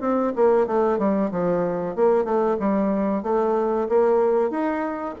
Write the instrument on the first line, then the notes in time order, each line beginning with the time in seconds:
bassoon
0.00 C4
0.35 A#3
0.66 A3
0.98 G3
1.31 F3
1.95 A#3
2.24 A3
2.59 G3
3.23 A3
3.88 A#3
4.50 D#4